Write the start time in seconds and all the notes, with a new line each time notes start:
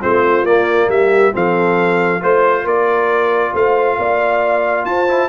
0.00 A3 C4 F4 C5
0.43 A#3 D5
0.88 G3 G4 E5
1.32 F3 C4 A4 F5
2.20 A3 F4 C5
2.64 A#3 A#4 D5
3.53 A3 C5 F5
3.98 A#3 D5
4.84 F4 C5 A5
5.08 E4